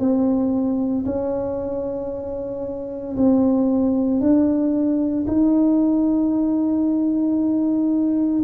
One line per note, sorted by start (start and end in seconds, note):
0.00 1.05 C4
1.06 3.16 C#4
3.17 4.21 C4
4.21 5.26 D4
5.27 8.43 D#4